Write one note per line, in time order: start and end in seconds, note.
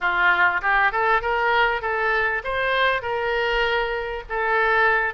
0.00 0.61 F4
0.61 0.91 G4
0.92 1.21 A4
1.21 1.81 A#4
1.81 2.42 A4
2.44 3.02 C5
3.02 4.23 A#4
4.29 5.13 A4